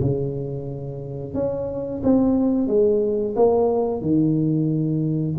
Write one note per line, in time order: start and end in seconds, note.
0.00 1.34 C#3
1.34 2.01 C#4
2.03 2.67 C4
2.67 3.34 G#3
3.35 4.01 A#3
4.01 5.36 D#3